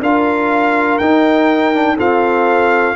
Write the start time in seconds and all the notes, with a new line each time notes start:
0.00 D4 F4 A#4 F5
0.98 D#4 G5
1.74 D4
1.96 C4 F4 A4 F5